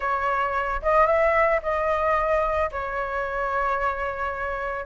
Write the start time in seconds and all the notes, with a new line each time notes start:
0.00 C#5
0.82 D#5
1.06 E5
1.62 D#5
2.71 C#5